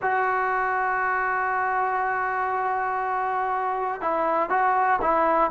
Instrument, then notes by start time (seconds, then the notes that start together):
trombone
0.01 F#4
4.01 E4
4.49 F#4
5.01 E4